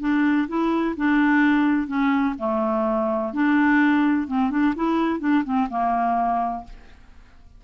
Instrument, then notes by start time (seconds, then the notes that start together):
clarinet
0.00 D4
0.48 E4
0.96 D4
1.87 C#4
2.38 A3
3.33 D4
4.27 C4
4.50 D4
4.75 E4
5.19 D4
5.44 C4
5.69 A#3